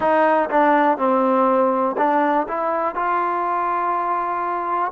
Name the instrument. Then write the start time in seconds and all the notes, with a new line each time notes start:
trombone
0.00 D#4
0.50 D4
0.97 C4
1.97 D4
2.48 E4
2.95 F4